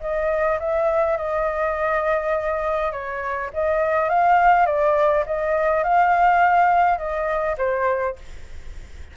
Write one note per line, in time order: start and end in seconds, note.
0.00 0.58 D#5
0.59 1.17 E5
1.17 2.92 D#5
2.92 3.50 C#5
3.53 4.09 D#5
4.09 4.65 F5
4.65 5.24 D5
5.25 5.83 D#5
5.83 6.97 F5
6.97 7.56 D#5
7.57 8.16 C5